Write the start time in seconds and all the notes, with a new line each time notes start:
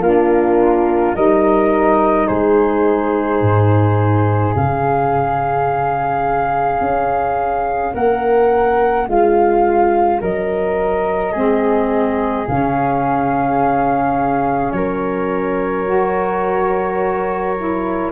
0.00 A#3 D4 F4 A#4
1.15 G3 D#4 A#4 D#5
2.26 G#3 G#4 C5
3.41 G#2
4.54 C#3 C#4 F5
6.80 C#4
7.94 A#3 A#4 F#5
9.07 G#3 F4 F5
10.21 F#3 A#4 D#5
11.32 G#3 C4 G#4
12.47 C#3 C#4 F5
14.72 F#3 A#4 C#5
15.86 F#4
17.57 E4